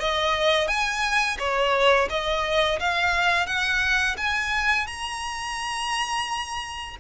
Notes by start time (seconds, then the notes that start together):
0.00 D#5
0.68 G#5
1.39 C#5
2.10 D#5
2.80 F5
3.46 F#5
4.17 G#5
4.87 A#5